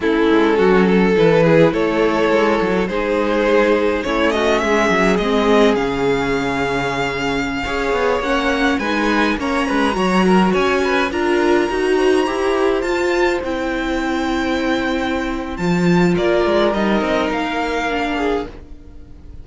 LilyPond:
<<
  \new Staff \with { instrumentName = "violin" } { \time 4/4 \tempo 4 = 104 a'2 b'4 cis''4~ | cis''4 c''2 cis''8 dis''8 | e''4 dis''4 f''2~ | f''2~ f''16 fis''4 gis''8.~ |
gis''16 ais''2 gis''4 ais''8.~ | ais''2~ ais''16 a''4 g''8.~ | g''2. a''4 | d''4 dis''4 f''2 | }
  \new Staff \with { instrumentName = "violin" } { \time 4/4 e'4 fis'8 a'4 gis'8 a'4~ | a'4 gis'2 e'8 fis'8 | gis'1~ | gis'4~ gis'16 cis''2 b'8.~ |
b'16 cis''8 b'8 cis''8 ais'8 cis''8 b'8 ais'8.~ | ais'8. c''2.~ c''16~ | c''1 | ais'2.~ ais'8 gis'8 | }
  \new Staff \with { instrumentName = "viola" } { \time 4/4 cis'2 e'2~ | e'4 dis'2 cis'4~ | cis'4 c'4 cis'2~ | cis'4~ cis'16 gis'4 cis'4 dis'8.~ |
dis'16 cis'4 fis'2 f'8.~ | f'16 fis'4 g'4 f'4 e'8.~ | e'2. f'4~ | f'4 dis'2 d'4 | }
  \new Staff \with { instrumentName = "cello" } { \time 4/4 a8 gis8 fis4 e4 a4 | gis8 fis8 gis2 a4 | gis8 fis8 gis4 cis2~ | cis4~ cis16 cis'8 b8 ais4 gis8.~ |
gis16 ais8 gis8 fis4 cis'4 d'8.~ | d'16 dis'4 e'4 f'4 c'8.~ | c'2. f4 | ais8 gis8 g8 c'8 ais2 | }
>>